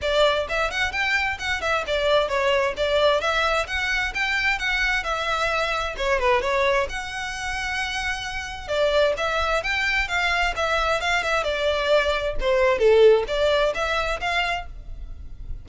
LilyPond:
\new Staff \with { instrumentName = "violin" } { \time 4/4 \tempo 4 = 131 d''4 e''8 fis''8 g''4 fis''8 e''8 | d''4 cis''4 d''4 e''4 | fis''4 g''4 fis''4 e''4~ | e''4 cis''8 b'8 cis''4 fis''4~ |
fis''2. d''4 | e''4 g''4 f''4 e''4 | f''8 e''8 d''2 c''4 | a'4 d''4 e''4 f''4 | }